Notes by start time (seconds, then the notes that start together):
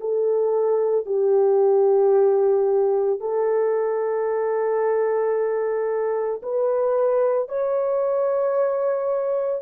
0.00 A4
1.06 G4
3.20 A4
6.42 B4
7.49 C#5